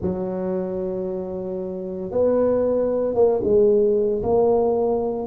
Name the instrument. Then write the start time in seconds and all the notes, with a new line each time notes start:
tuba
0.01 F#3
2.11 B3
3.14 A#3
3.43 G#3
4.22 A#3